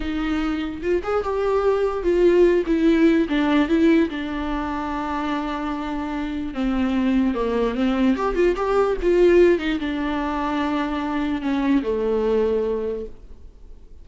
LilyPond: \new Staff \with { instrumentName = "viola" } { \time 4/4 \tempo 4 = 147 dis'2 f'8 gis'8 g'4~ | g'4 f'4. e'4. | d'4 e'4 d'2~ | d'1 |
c'2 ais4 c'4 | g'8 f'8 g'4 f'4. dis'8 | d'1 | cis'4 a2. | }